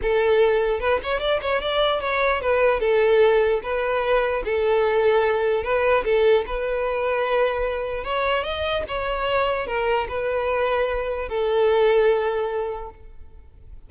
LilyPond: \new Staff \with { instrumentName = "violin" } { \time 4/4 \tempo 4 = 149 a'2 b'8 cis''8 d''8 cis''8 | d''4 cis''4 b'4 a'4~ | a'4 b'2 a'4~ | a'2 b'4 a'4 |
b'1 | cis''4 dis''4 cis''2 | ais'4 b'2. | a'1 | }